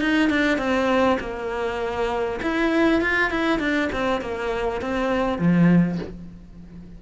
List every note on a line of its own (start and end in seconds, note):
0.00 0.29 D#4
0.29 0.58 D4
0.58 1.18 C4
1.19 2.39 A#3
2.42 3.01 E4
3.01 3.30 F4
3.30 3.59 E4
3.59 3.89 D4
3.92 4.21 C4
4.21 4.81 A#3
4.81 5.38 C4
5.38 5.98 F3